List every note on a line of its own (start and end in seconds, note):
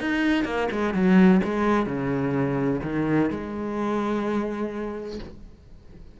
0.00 0.44 D#4
0.44 0.68 A#3
0.71 0.94 G#3
0.94 1.41 F#3
1.44 1.86 G#3
1.86 2.80 C#3
2.83 3.30 D#3
3.30 5.19 G#3